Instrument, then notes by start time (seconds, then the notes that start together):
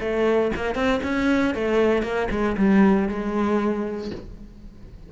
cello
0.00 A3
0.55 A#3
0.75 C4
1.03 C#4
1.54 A3
2.03 A#3
2.31 G#3
2.57 G3
3.08 G#3